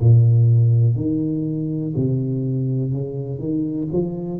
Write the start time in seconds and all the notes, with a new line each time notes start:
0.00 A#2
0.96 D#3
1.95 C3
2.92 C#3
3.38 D#3
3.92 F3